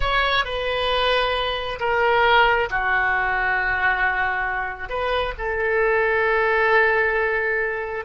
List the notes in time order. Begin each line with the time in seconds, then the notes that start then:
0.00 C#5
0.44 B4
1.79 A#4
2.70 F#4
4.88 B4
5.38 A4